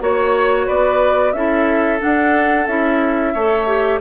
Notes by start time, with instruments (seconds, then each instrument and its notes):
0.00 bassoon A#3, clarinet F#4, flute C#5, oboe C#5
0.66 bassoon B3, oboe B4, flute D5
1.32 bassoon C#4, clarinet E4, oboe A4, flute E5
1.99 clarinet D4, bassoon D4, flute F#5
2.67 bassoon C#4, clarinet E4, flute E5
3.33 bassoon A3, clarinet A4, oboe C#5
3.67 clarinet G4